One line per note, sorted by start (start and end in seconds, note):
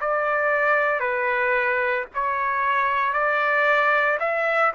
0.00 1.00 D5
1.00 2.05 B4
2.14 3.12 C#5
3.12 4.18 D5
4.19 4.72 E5